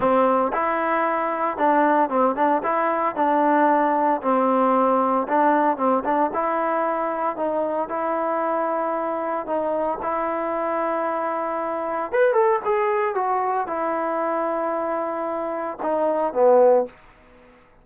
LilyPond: \new Staff \with { instrumentName = "trombone" } { \time 4/4 \tempo 4 = 114 c'4 e'2 d'4 | c'8 d'8 e'4 d'2 | c'2 d'4 c'8 d'8 | e'2 dis'4 e'4~ |
e'2 dis'4 e'4~ | e'2. b'8 a'8 | gis'4 fis'4 e'2~ | e'2 dis'4 b4 | }